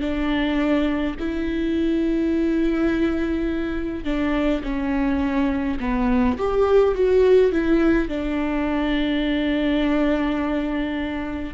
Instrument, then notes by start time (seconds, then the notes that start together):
viola
0.00 D4
1.19 E4
4.04 D4
4.63 C#4
5.79 B3
6.37 G4
6.94 F#4
7.52 E4
8.08 D4